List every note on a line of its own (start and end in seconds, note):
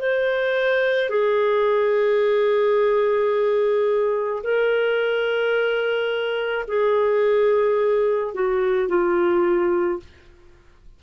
0.00 1.10 C5
1.10 4.43 G#4
4.43 6.65 A#4
6.68 8.34 G#4
8.34 8.88 F#4
8.88 9.99 F4